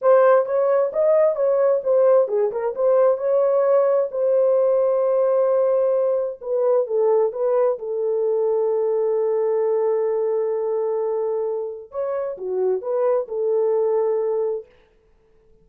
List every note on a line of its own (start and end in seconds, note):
0.01 0.45 C5
0.45 0.91 C#5
0.93 1.35 D#5
1.35 1.81 C#5
1.83 2.28 C5
2.28 2.51 G#4
2.51 2.74 A#4
2.75 3.17 C5
3.17 4.09 C#5
4.11 6.40 C5
6.41 6.86 B4
6.86 7.32 A4
7.32 7.78 B4
7.79 11.91 A4
11.91 12.37 C#5
12.37 12.81 F#4
12.81 13.27 B4
13.28 14.65 A4